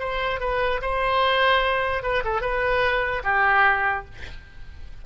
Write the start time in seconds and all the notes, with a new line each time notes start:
0.00 C5
0.41 B4
0.82 C5
2.03 B4
2.25 A4
2.42 B4
3.24 G4